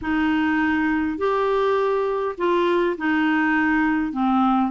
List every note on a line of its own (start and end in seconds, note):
0.01 1.17 D#4
1.17 2.35 G4
2.37 2.96 F4
2.97 4.12 D#4
4.12 4.71 C4